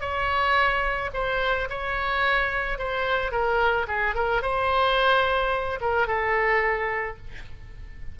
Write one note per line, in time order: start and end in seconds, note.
0.00 1.10 C#5
1.13 1.68 C5
1.69 2.78 C#5
2.78 3.31 C5
3.31 3.86 A#4
3.87 4.15 G#4
4.15 4.42 A#4
4.42 5.79 C5
5.81 6.07 A#4
6.07 7.17 A4